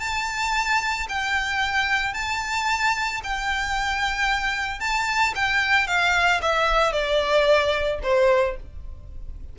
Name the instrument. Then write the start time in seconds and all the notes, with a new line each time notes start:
violin
0.00 A5
1.09 G5
2.14 A5
3.24 G5
4.80 A5
5.35 G5
5.88 F5
6.42 E5
6.93 D5
8.03 C5